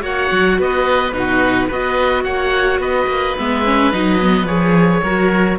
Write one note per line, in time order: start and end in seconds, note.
0.00 0.30 A#3
0.00 1.11 F#4
0.00 0.58 C#5
0.00 0.61 F#5
0.31 0.59 F#3
0.59 1.12 B3
0.59 1.15 B4
0.59 1.13 D#5
1.12 1.68 B2
1.12 1.69 D#4
1.12 1.67 F#4
1.12 1.68 B4
1.67 2.25 B3
1.67 3.37 F#4
1.67 2.23 B4
1.67 2.24 D#5
2.24 2.79 A#3
2.24 2.81 C#5
2.24 2.79 F#5
2.79 3.07 B3
2.79 5.03 B4
2.79 3.37 D#5
3.07 3.35 A#3
3.38 3.92 G#3
3.38 3.64 B3
3.38 3.93 E5
3.64 3.91 C#4
3.91 4.44 F#3
3.91 4.19 D#4
3.91 4.47 D#5
4.20 4.47 B3
4.44 5.00 F3
4.44 5.03 G#4
4.44 5.58 C#5
5.03 5.59 F#3
5.03 5.59 F#4
5.03 5.59 A#4